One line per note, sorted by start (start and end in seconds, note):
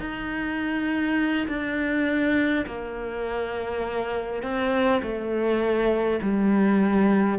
0.00 1.47 D#4
1.48 2.66 D4
2.66 4.43 A#3
4.43 5.02 C4
5.03 6.20 A3
6.22 7.39 G3